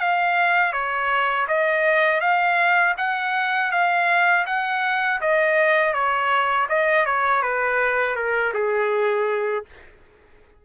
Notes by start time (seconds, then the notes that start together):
0.00 F5
0.73 C#5
1.48 D#5
2.21 F5
2.97 F#5
3.71 F5
4.46 F#5
5.21 D#5
5.94 C#5
6.69 D#5
7.06 C#5
7.42 B4
8.16 A#4
8.54 G#4